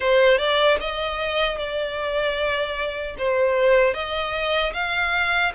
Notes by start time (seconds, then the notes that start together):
0.00 C5
0.37 D5
0.80 D#5
1.58 D5
3.18 C5
3.94 D#5
4.73 F5